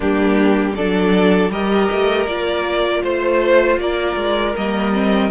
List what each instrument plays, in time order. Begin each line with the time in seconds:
0.00 cello G3, viola A#3, violin D4 G4
0.75 cello F#3, viola D4, violin A4 D5
1.50 cello G3, viola G4, violin A#4 D#5
1.91 cello A3
2.26 cello A#3, viola F4, violin D5
3.03 cello A3, violin C5
3.77 cello A#3, violin A#4 D5
4.16 cello G#3
4.56 cello G3, viola A#3, violin D#5
4.93 viola C4